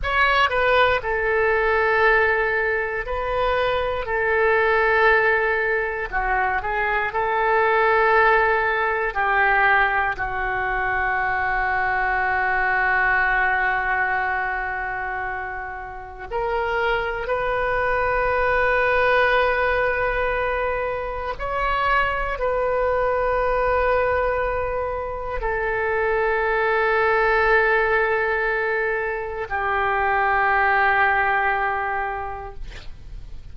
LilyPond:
\new Staff \with { instrumentName = "oboe" } { \time 4/4 \tempo 4 = 59 cis''8 b'8 a'2 b'4 | a'2 fis'8 gis'8 a'4~ | a'4 g'4 fis'2~ | fis'1 |
ais'4 b'2.~ | b'4 cis''4 b'2~ | b'4 a'2.~ | a'4 g'2. | }